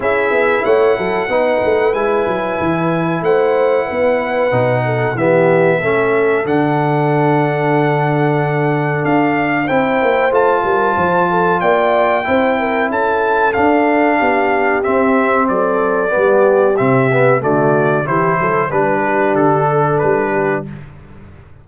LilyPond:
<<
  \new Staff \with { instrumentName = "trumpet" } { \time 4/4 \tempo 4 = 93 e''4 fis''2 gis''4~ | gis''4 fis''2. | e''2 fis''2~ | fis''2 f''4 g''4 |
a''2 g''2 | a''4 f''2 e''4 | d''2 e''4 d''4 | c''4 b'4 a'4 b'4 | }
  \new Staff \with { instrumentName = "horn" } { \time 4/4 gis'4 cis''8 a'8 b'2~ | b'4 c''4 b'4. a'8 | g'4 a'2.~ | a'2. c''4~ |
c''8 ais'8 c''8 a'8 d''4 c''8 ais'8 | a'2 g'2 | a'4 g'2 fis'4 | g'8 a'8 b'8 g'4 a'4 g'8 | }
  \new Staff \with { instrumentName = "trombone" } { \time 4/4 e'2 dis'4 e'4~ | e'2. dis'4 | b4 cis'4 d'2~ | d'2. e'4 |
f'2. e'4~ | e'4 d'2 c'4~ | c'4 b4 c'8 b8 a4 | e'4 d'2. | }
  \new Staff \with { instrumentName = "tuba" } { \time 4/4 cis'8 b8 a8 fis8 b8 a8 gis8 fis8 | e4 a4 b4 b,4 | e4 a4 d2~ | d2 d'4 c'8 ais8 |
a8 g8 f4 ais4 c'4 | cis'4 d'4 b4 c'4 | fis4 g4 c4 d4 | e8 fis8 g4 d4 g4 | }
>>